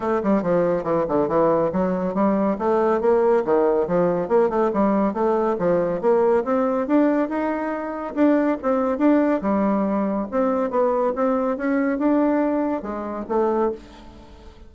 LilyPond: \new Staff \with { instrumentName = "bassoon" } { \time 4/4 \tempo 4 = 140 a8 g8 f4 e8 d8 e4 | fis4 g4 a4 ais4 | dis4 f4 ais8 a8 g4 | a4 f4 ais4 c'4 |
d'4 dis'2 d'4 | c'4 d'4 g2 | c'4 b4 c'4 cis'4 | d'2 gis4 a4 | }